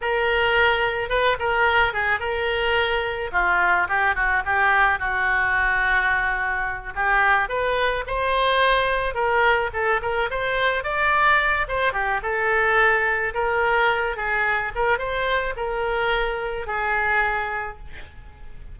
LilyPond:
\new Staff \with { instrumentName = "oboe" } { \time 4/4 \tempo 4 = 108 ais'2 b'8 ais'4 gis'8 | ais'2 f'4 g'8 fis'8 | g'4 fis'2.~ | fis'8 g'4 b'4 c''4.~ |
c''8 ais'4 a'8 ais'8 c''4 d''8~ | d''4 c''8 g'8 a'2 | ais'4. gis'4 ais'8 c''4 | ais'2 gis'2 | }